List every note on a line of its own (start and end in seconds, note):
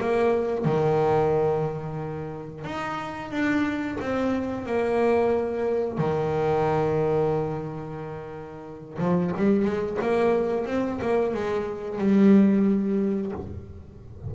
0.00 0.65 A#3
0.65 2.64 D#3
2.64 3.30 D#4
3.30 3.97 D4
4.00 4.66 C4
4.66 5.98 A#3
5.98 8.98 D#3
8.98 9.31 F3
9.36 9.65 G3
9.65 9.98 G#3
10.01 10.66 A#3
10.66 10.99 C4
11.01 11.33 A#3
11.33 11.98 G#3
11.98 13.32 G3